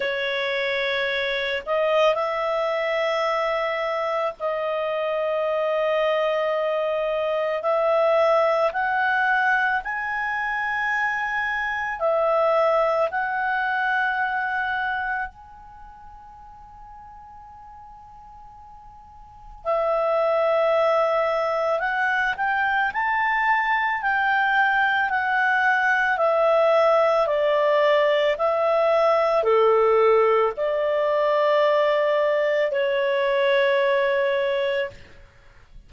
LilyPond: \new Staff \with { instrumentName = "clarinet" } { \time 4/4 \tempo 4 = 55 cis''4. dis''8 e''2 | dis''2. e''4 | fis''4 gis''2 e''4 | fis''2 gis''2~ |
gis''2 e''2 | fis''8 g''8 a''4 g''4 fis''4 | e''4 d''4 e''4 a'4 | d''2 cis''2 | }